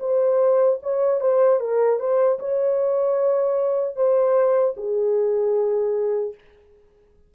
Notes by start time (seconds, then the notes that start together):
0.00 C5
0.83 C#5
1.21 C5
1.60 A#4
2.00 C5
2.40 C#5
3.96 C5
4.77 G#4